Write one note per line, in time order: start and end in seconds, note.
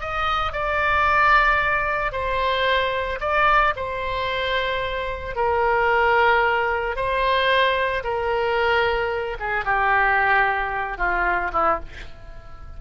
0.00 0.52 D#5
0.52 2.12 D5
2.12 3.19 C5
3.20 3.74 D5
3.76 5.35 C5
5.35 6.95 A#4
6.95 8.03 C5
8.03 9.37 A#4
9.39 9.65 G#4
9.65 10.97 G4
10.97 11.51 F4
11.53 11.79 E4